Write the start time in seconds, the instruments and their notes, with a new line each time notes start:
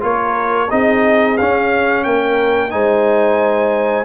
0.00 tuba A#3, trombone F4, horn A#4, trumpet C#5
0.70 tuba C4, trombone D#4, horn G#4, trumpet D#5
1.37 trombone C#4, tuba C#4, trumpet F5
2.03 tuba A#3, horn A#4, trumpet G5
2.69 tuba G#3, trombone D#4, horn C5, trumpet G#5